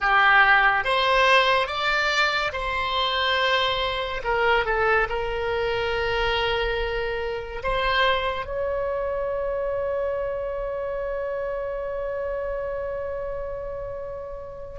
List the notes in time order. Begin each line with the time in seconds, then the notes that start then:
0.00 G4
0.84 C5
1.67 D5
2.52 C5
4.24 A#4
4.65 A4
5.09 A#4
7.63 C5
8.45 C#5